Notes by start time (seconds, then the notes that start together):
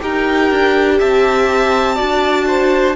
0.00 D#4 G4 A#4 G5
0.52 D4
0.99 C4 E5 A5
1.96 D4 F#4 D5
2.47 C5